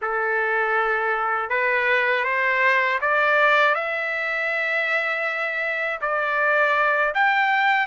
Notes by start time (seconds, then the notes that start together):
0.01 A4
1.49 B4
2.24 C5
3.01 D5
3.75 E5
6.01 D5
7.14 G5